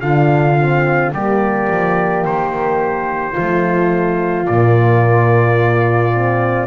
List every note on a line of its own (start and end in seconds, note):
0.00 1.12 D3
0.00 0.58 D4
0.00 1.12 F4
0.00 1.11 F5
0.59 1.12 C4
1.12 1.68 G3
1.12 3.35 A#3
1.12 3.32 G4
1.12 2.25 D5
1.70 2.25 F3
2.25 3.36 D#3
2.25 4.46 C5
3.32 4.48 F3
3.32 6.66 F4
3.38 4.47 A3
4.46 6.66 A#2
4.46 6.13 A#3
4.46 6.66 D5
6.13 6.66 C4